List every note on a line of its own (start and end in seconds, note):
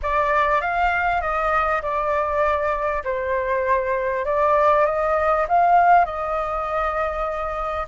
0.02 0.61 D5
0.61 1.21 F5
1.21 1.81 D#5
1.82 3.03 D5
3.04 4.25 C5
4.25 4.85 D5
4.85 5.46 D#5
5.48 6.05 F5
6.05 7.87 D#5